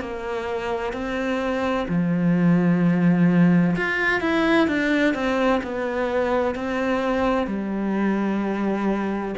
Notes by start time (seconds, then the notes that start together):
0.00 A#3
0.93 C4
1.88 F3
3.76 F4
4.21 E4
4.67 D4
5.14 C4
5.63 B3
6.55 C4
7.47 G3